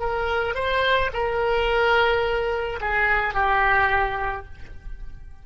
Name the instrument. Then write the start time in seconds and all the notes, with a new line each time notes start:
oboe
0.00 A#4
0.56 C5
1.14 A#4
2.81 G#4
3.34 G4